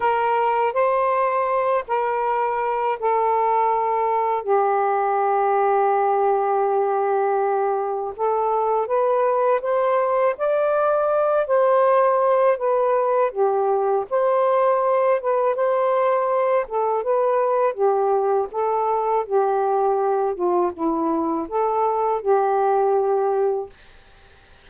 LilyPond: \new Staff \with { instrumentName = "saxophone" } { \time 4/4 \tempo 4 = 81 ais'4 c''4. ais'4. | a'2 g'2~ | g'2. a'4 | b'4 c''4 d''4. c''8~ |
c''4 b'4 g'4 c''4~ | c''8 b'8 c''4. a'8 b'4 | g'4 a'4 g'4. f'8 | e'4 a'4 g'2 | }